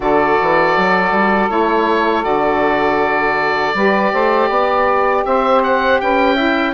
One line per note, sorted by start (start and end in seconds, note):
0.00 0.38 D3
0.00 1.49 F#4
0.00 3.75 A4
0.00 1.50 D5
0.41 0.76 E3
0.76 1.11 F#3
1.11 1.49 G3
1.49 2.25 A3
1.49 2.22 E4
1.49 2.24 C#5
2.22 3.74 D3
2.22 3.72 F#4
2.22 5.24 D5
3.74 4.11 G3
3.74 6.35 G4
3.74 4.12 B4
4.12 4.49 A3
4.12 4.50 C5
4.49 5.24 B3
4.49 5.25 D5
5.25 6.00 C4
5.25 6.01 C5
5.25 5.62 E5
5.63 6.00 F#5
6.00 6.73 C#4
6.00 6.34 B4
6.00 6.73 G5
6.34 6.73 E4
6.34 6.72 E5